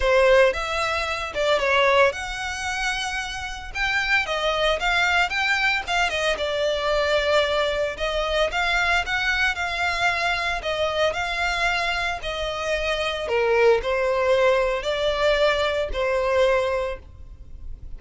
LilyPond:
\new Staff \with { instrumentName = "violin" } { \time 4/4 \tempo 4 = 113 c''4 e''4. d''8 cis''4 | fis''2. g''4 | dis''4 f''4 g''4 f''8 dis''8 | d''2. dis''4 |
f''4 fis''4 f''2 | dis''4 f''2 dis''4~ | dis''4 ais'4 c''2 | d''2 c''2 | }